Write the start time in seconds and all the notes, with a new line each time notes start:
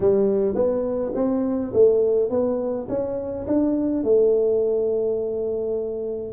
0.00 G3
0.54 B3
1.14 C4
1.73 A3
2.29 B3
2.88 C#4
3.47 D4
4.03 A3